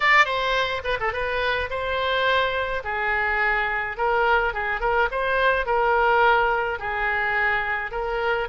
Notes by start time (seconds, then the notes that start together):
0.00 D5
0.25 C5
0.84 B4
0.99 A4
1.12 B4
1.70 C5
2.84 G#4
3.97 A#4
4.53 G#4
4.80 A#4
5.11 C5
5.66 A#4
6.79 G#4
7.91 A#4